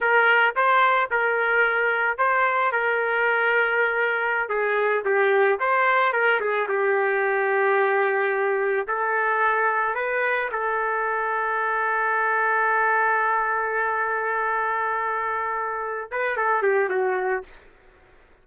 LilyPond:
\new Staff \with { instrumentName = "trumpet" } { \time 4/4 \tempo 4 = 110 ais'4 c''4 ais'2 | c''4 ais'2.~ | ais'16 gis'4 g'4 c''4 ais'8 gis'16~ | gis'16 g'2.~ g'8.~ |
g'16 a'2 b'4 a'8.~ | a'1~ | a'1~ | a'4. b'8 a'8 g'8 fis'4 | }